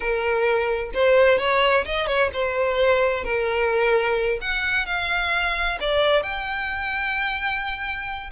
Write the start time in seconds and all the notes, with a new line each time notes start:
0.00 A#4
0.94 C5
1.38 C#5
1.85 D#5
2.06 C#5
2.33 C5
3.23 A#4
4.41 F#5
4.86 F5
5.80 D5
6.22 G5